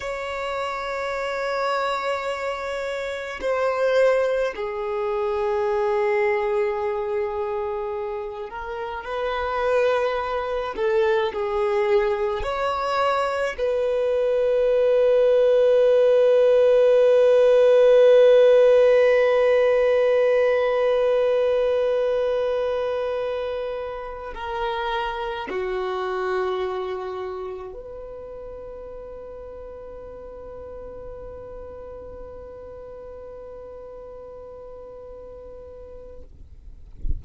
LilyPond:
\new Staff \with { instrumentName = "violin" } { \time 4/4 \tempo 4 = 53 cis''2. c''4 | gis'2.~ gis'8 ais'8 | b'4. a'8 gis'4 cis''4 | b'1~ |
b'1~ | b'4. ais'4 fis'4.~ | fis'8 b'2.~ b'8~ | b'1 | }